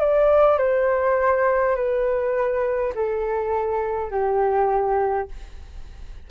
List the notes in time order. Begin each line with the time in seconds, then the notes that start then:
0.00 D5
0.58 C5
1.75 B4
2.95 A4
4.11 G4